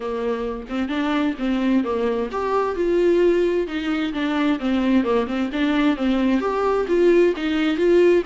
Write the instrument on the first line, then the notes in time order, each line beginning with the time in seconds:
viola
0.00 A#3
0.69 C4
0.88 D4
1.38 C4
1.84 A#3
2.31 G4
2.75 F4
3.67 D#4
4.13 D4
4.59 C4
5.04 A#3
5.27 C4
5.52 D4
5.96 C4
6.40 G4
6.88 F4
7.36 D#4
7.77 F4